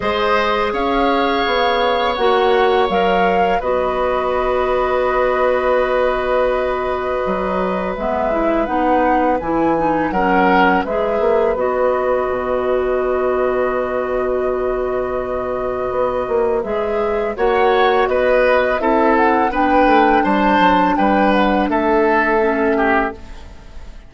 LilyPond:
<<
  \new Staff \with { instrumentName = "flute" } { \time 4/4 \tempo 4 = 83 dis''4 f''2 fis''4 | f''4 dis''2.~ | dis''2. e''4 | fis''4 gis''4 fis''4 e''4 |
dis''1~ | dis''2. e''4 | fis''4 dis''4 e''8 fis''8 g''4 | a''4 g''8 fis''8 e''2 | }
  \new Staff \with { instrumentName = "oboe" } { \time 4/4 c''4 cis''2.~ | cis''4 b'2.~ | b'1~ | b'2 ais'4 b'4~ |
b'1~ | b'1 | cis''4 b'4 a'4 b'4 | c''4 b'4 a'4. g'8 | }
  \new Staff \with { instrumentName = "clarinet" } { \time 4/4 gis'2. fis'4 | ais'4 fis'2.~ | fis'2. b8 e'8 | dis'4 e'8 dis'8 cis'4 gis'4 |
fis'1~ | fis'2. gis'4 | fis'2 e'4 d'4~ | d'2. cis'4 | }
  \new Staff \with { instrumentName = "bassoon" } { \time 4/4 gis4 cis'4 b4 ais4 | fis4 b2.~ | b2 fis4 gis4 | b4 e4 fis4 gis8 ais8 |
b4 b,2.~ | b,2 b8 ais8 gis4 | ais4 b4 c'4 b8 a8 | g8 fis8 g4 a2 | }
>>